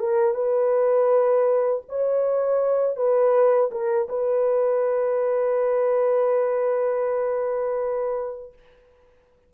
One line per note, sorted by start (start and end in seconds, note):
0.00 0.35 A#4
0.35 1.83 B4
1.89 2.97 C#5
2.97 3.71 B4
3.72 4.09 A#4
4.09 8.54 B4